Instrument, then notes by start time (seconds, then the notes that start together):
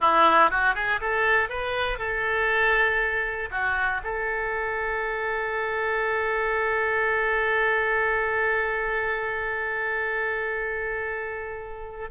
oboe
0.00 E4
0.50 F#4
0.74 G#4
1.01 A4
1.49 B4
1.98 A4
3.50 F#4
4.03 A4